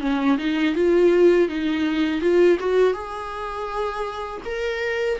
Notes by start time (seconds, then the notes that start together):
0.00 C#4
0.38 D#4
0.75 F4
1.48 D#4
2.21 F4
2.59 F#4
2.93 G#4
4.45 A#4